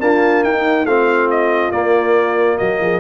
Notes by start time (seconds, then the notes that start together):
0.00 A#3 D4 F4 A5
0.44 D#4 G5
0.84 A3 C4 F4 F5
1.30 D#5
1.71 A#3 D5
2.58 F#3 F#4 D#5
2.80 F3 G#4